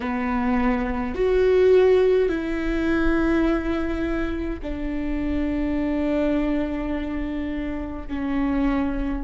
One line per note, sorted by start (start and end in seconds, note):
0.00 1.14 B3
1.14 2.28 F#4
2.28 4.59 E4
4.62 8.08 D4
8.08 9.23 C#4